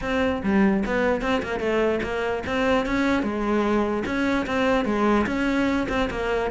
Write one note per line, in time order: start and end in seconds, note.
0.01 0.41 C4
0.43 0.83 G3
0.85 1.21 B3
1.21 1.42 C4
1.42 1.59 A#3
1.59 2.00 A3
2.02 2.43 A#3
2.46 2.85 C4
2.85 3.22 C#4
3.22 4.03 G#3
4.05 4.46 C#4
4.46 4.85 C4
4.85 5.25 G#3
5.26 5.87 C#4
5.88 6.09 C4
6.10 6.50 A#3